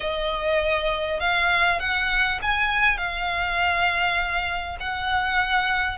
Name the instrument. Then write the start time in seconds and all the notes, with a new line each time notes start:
violin
0.00 D#5
1.19 F5
1.79 F#5
2.42 G#5
2.97 F5
4.79 F#5